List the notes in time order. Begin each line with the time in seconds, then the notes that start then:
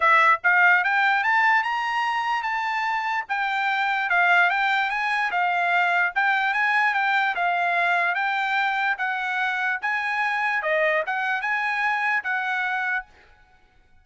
0.00 E5
0.43 F5
0.83 G5
1.23 A5
1.63 A#5
2.42 A5
3.28 G5
4.09 F5
4.50 G5
4.90 G#5
5.31 F5
6.15 G5
6.53 G#5
6.94 G5
7.35 F5
8.14 G5
8.98 F#5
9.81 G#5
10.62 D#5
11.06 F#5
11.41 G#5
12.23 F#5